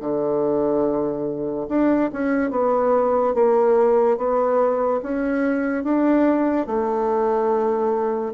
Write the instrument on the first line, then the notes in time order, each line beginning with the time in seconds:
bassoon
0.00 D3
1.68 D4
2.12 C#4
2.50 B3
3.34 A#3
4.17 B3
5.02 C#4
5.84 D4
6.66 A3